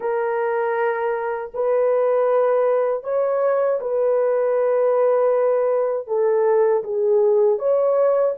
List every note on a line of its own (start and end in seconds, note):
0.00 1.51 A#4
1.54 3.03 B4
3.03 3.79 C#5
3.80 6.07 B4
6.07 6.83 A4
6.84 7.58 G#4
7.58 8.34 C#5